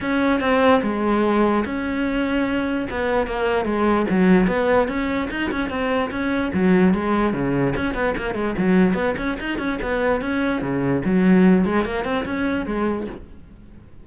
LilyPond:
\new Staff \with { instrumentName = "cello" } { \time 4/4 \tempo 4 = 147 cis'4 c'4 gis2 | cis'2. b4 | ais4 gis4 fis4 b4 | cis'4 dis'8 cis'8 c'4 cis'4 |
fis4 gis4 cis4 cis'8 b8 | ais8 gis8 fis4 b8 cis'8 dis'8 cis'8 | b4 cis'4 cis4 fis4~ | fis8 gis8 ais8 c'8 cis'4 gis4 | }